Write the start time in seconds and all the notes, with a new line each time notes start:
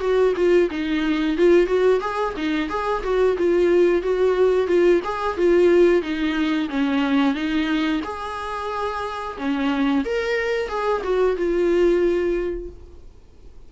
0.00 F#4
0.36 F4
0.70 D#4
1.37 F4
1.66 F#4
2.01 G#4
2.36 D#4
2.69 G#4
3.03 F#4
3.38 F4
4.02 F#4
4.67 F4
5.04 G#4
5.37 F4
6.02 D#4
6.69 C#4
7.34 D#4
8.04 G#4
9.38 C#4
10.05 A#4
10.68 G#4
11.03 F#4
11.36 F4